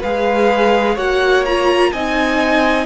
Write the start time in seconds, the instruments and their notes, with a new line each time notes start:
0.00 cello G#3, viola G#4, violin B4 F5
0.95 cello A#3, viola F#4, violin C#5 F#5
1.45 viola F4, violin A#5
1.92 cello C4, viola D#4, violin D#5 G#5